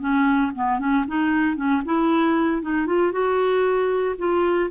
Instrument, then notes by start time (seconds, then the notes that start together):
clarinet
0.00 C#4
0.55 B3
0.79 C#4
1.07 D#4
1.56 C#4
1.85 E4
2.62 D#4
2.86 F4
3.12 F#4
4.18 F4